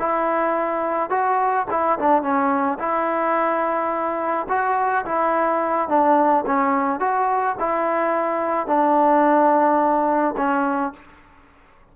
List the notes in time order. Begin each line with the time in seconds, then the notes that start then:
0.00 E4
1.10 F#4
1.71 E4
2.00 D4
2.23 C#4
2.79 E4
4.49 F#4
5.06 E4
5.89 D4
6.47 C#4
7.00 F#4
7.60 E4
8.67 D4
10.37 C#4